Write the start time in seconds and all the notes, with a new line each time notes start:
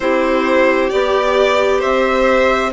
0.00 C4 E4 G4 C5
0.89 B3 G4 D5
1.79 C4 C5 E5